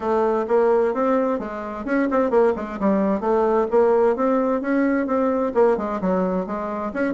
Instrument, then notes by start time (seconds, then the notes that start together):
bassoon
0.00 A3
0.48 A#3
0.94 C4
1.39 G#3
1.85 C#4
2.10 C4
2.30 A#3
2.56 G#3
2.79 G3
3.20 A3
3.70 A#3
4.16 C4
4.61 C#4
5.06 C4
5.54 A#3
5.77 G#3
6.01 F#3
6.46 G#3
6.93 C#4